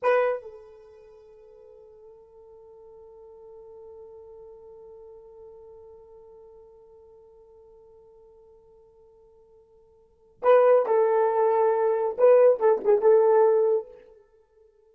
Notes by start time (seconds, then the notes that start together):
0.02 B4
0.42 A4
10.42 B4
10.86 A4
12.18 B4
12.59 A4
12.84 G#4
13.01 A4